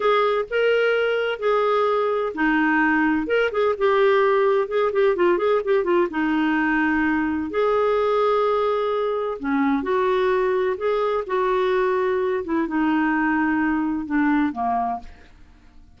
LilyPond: \new Staff \with { instrumentName = "clarinet" } { \time 4/4 \tempo 4 = 128 gis'4 ais'2 gis'4~ | gis'4 dis'2 ais'8 gis'8 | g'2 gis'8 g'8 f'8 gis'8 | g'8 f'8 dis'2. |
gis'1 | cis'4 fis'2 gis'4 | fis'2~ fis'8 e'8 dis'4~ | dis'2 d'4 ais4 | }